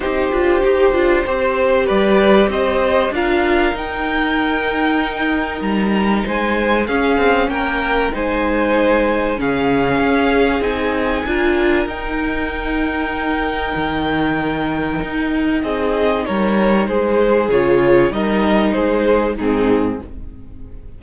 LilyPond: <<
  \new Staff \with { instrumentName = "violin" } { \time 4/4 \tempo 4 = 96 c''2. d''4 | dis''4 f''4 g''2~ | g''4 ais''4 gis''4 f''4 | g''4 gis''2 f''4~ |
f''4 gis''2 g''4~ | g''1~ | g''4 dis''4 cis''4 c''4 | cis''4 dis''4 c''4 gis'4 | }
  \new Staff \with { instrumentName = "violin" } { \time 4/4 g'2 c''4 b'4 | c''4 ais'2.~ | ais'2 c''4 gis'4 | ais'4 c''2 gis'4~ |
gis'2 ais'2~ | ais'1~ | ais'4 gis'4 ais'4 gis'4~ | gis'4 ais'4 gis'4 dis'4 | }
  \new Staff \with { instrumentName = "viola" } { \time 4/4 dis'8 f'8 g'8 f'8 g'2~ | g'4 f'4 dis'2~ | dis'2. cis'4~ | cis'4 dis'2 cis'4~ |
cis'4 dis'4 f'4 dis'4~ | dis'1~ | dis'1 | f'4 dis'2 c'4 | }
  \new Staff \with { instrumentName = "cello" } { \time 4/4 c'8 d'8 dis'8 d'8 c'4 g4 | c'4 d'4 dis'2~ | dis'4 g4 gis4 cis'8 c'8 | ais4 gis2 cis4 |
cis'4 c'4 d'4 dis'4~ | dis'2 dis2 | dis'4 c'4 g4 gis4 | cis4 g4 gis4 gis,4 | }
>>